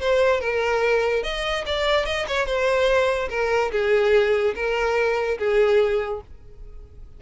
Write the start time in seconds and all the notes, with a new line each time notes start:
0.00 C5
0.40 A#4
1.23 D#5
1.66 D5
2.05 D#5
2.27 C#5
2.46 C5
3.30 A#4
3.71 G#4
4.55 A#4
5.38 G#4